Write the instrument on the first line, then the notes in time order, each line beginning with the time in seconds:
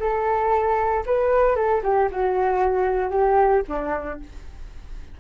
flute
0.00 A4
1.06 B4
1.56 A4
1.83 G4
2.12 F#4
3.11 G4
3.68 D4